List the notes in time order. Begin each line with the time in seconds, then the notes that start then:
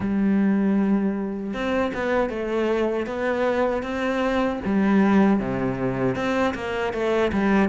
0.00 G3
1.53 C4
1.94 B3
2.29 A3
3.06 B3
3.82 C4
4.65 G3
5.39 C3
6.15 C4
6.54 A#3
6.93 A3
7.32 G3